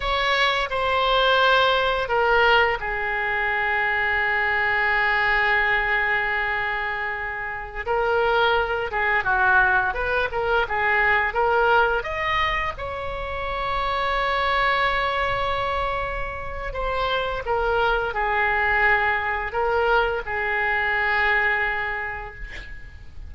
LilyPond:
\new Staff \with { instrumentName = "oboe" } { \time 4/4 \tempo 4 = 86 cis''4 c''2 ais'4 | gis'1~ | gis'2.~ gis'16 ais'8.~ | ais'8. gis'8 fis'4 b'8 ais'8 gis'8.~ |
gis'16 ais'4 dis''4 cis''4.~ cis''16~ | cis''1 | c''4 ais'4 gis'2 | ais'4 gis'2. | }